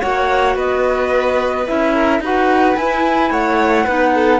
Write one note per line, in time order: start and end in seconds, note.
0.00 0.56 A#3
0.00 1.66 F#4
0.00 0.55 C#5
0.00 0.56 F#5
0.55 1.66 B3
0.55 1.93 B4
0.55 1.67 D#5
1.67 2.19 C#4
1.67 2.22 E4
1.67 2.22 E5
1.93 2.20 A#4
2.19 2.75 D#4
2.19 2.76 F#4
2.19 3.31 B4
2.19 2.76 F#5
2.76 3.86 E4
2.76 3.30 E4
2.76 3.31 G#5
3.30 3.85 A3
3.30 3.84 C#5
3.30 4.39 F#5
3.84 4.39 B3
3.84 4.39 D#4
3.84 4.11 B4
4.14 4.39 A4